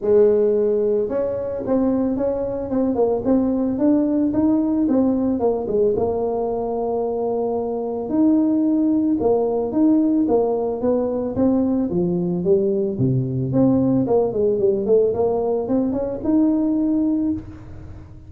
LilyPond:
\new Staff \with { instrumentName = "tuba" } { \time 4/4 \tempo 4 = 111 gis2 cis'4 c'4 | cis'4 c'8 ais8 c'4 d'4 | dis'4 c'4 ais8 gis8 ais4~ | ais2. dis'4~ |
dis'4 ais4 dis'4 ais4 | b4 c'4 f4 g4 | c4 c'4 ais8 gis8 g8 a8 | ais4 c'8 cis'8 dis'2 | }